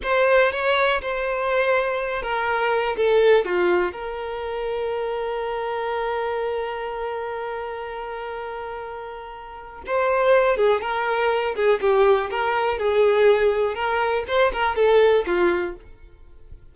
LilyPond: \new Staff \with { instrumentName = "violin" } { \time 4/4 \tempo 4 = 122 c''4 cis''4 c''2~ | c''8 ais'4. a'4 f'4 | ais'1~ | ais'1~ |
ais'1 | c''4. gis'8 ais'4. gis'8 | g'4 ais'4 gis'2 | ais'4 c''8 ais'8 a'4 f'4 | }